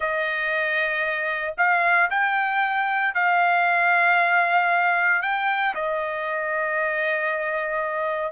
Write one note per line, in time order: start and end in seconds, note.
0.00 1.54 D#5
1.57 2.09 F5
2.10 3.14 G5
3.14 5.22 F5
5.22 5.74 G5
5.75 8.32 D#5